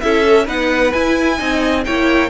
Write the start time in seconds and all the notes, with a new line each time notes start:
0.00 C#4 E4 A4 E5
0.27 A4
0.45 B3 D#4 B4 F#5
0.92 E4 G#5
1.38 C4 D#4 D#5
1.84 A#3 E4 C#5 G5